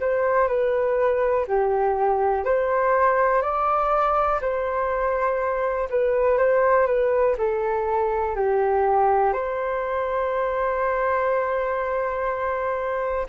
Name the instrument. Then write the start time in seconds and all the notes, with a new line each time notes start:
flute
0.00 C5
0.48 B4
1.47 G4
2.45 C5
3.42 D5
4.41 C5
5.90 B4
6.38 C5
6.87 B4
7.38 A4
8.36 G4
9.33 C5